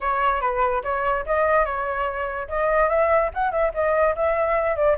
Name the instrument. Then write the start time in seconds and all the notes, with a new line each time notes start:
flute
0.00 C#5
0.41 B4
0.83 C#5
1.26 D#5
1.65 C#5
2.48 D#5
2.89 E5
3.33 F#5
3.51 E5
3.74 D#5
4.15 E5
4.76 D5